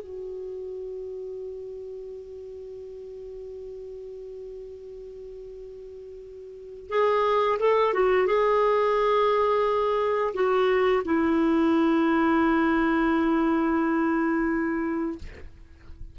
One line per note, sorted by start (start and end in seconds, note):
0.00 6.89 F#4
6.89 7.58 G#4
7.59 7.93 A4
7.93 8.26 F#4
8.26 10.33 G#4
10.34 11.03 F#4
11.04 15.18 E4